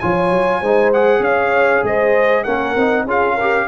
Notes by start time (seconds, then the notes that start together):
0.00 F3 F4 C#5 G#5
0.31 F#3
0.61 G#3 D#4 C5
0.94 G#4 F#5
1.20 C#4 C#5 F5
1.84 G#3 C5 D#5
2.44 A#3 C#4 A#4 F#5
2.76 C4 D#4
3.06 C#4 F4 G#4 F5
3.35 G4 A#4